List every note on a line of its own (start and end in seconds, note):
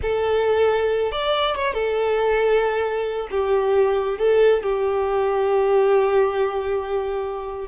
0.02 1.11 A4
1.11 1.55 D5
1.55 1.73 C#5
1.73 3.28 A4
3.30 4.18 G4
4.18 4.62 A4
4.62 7.68 G4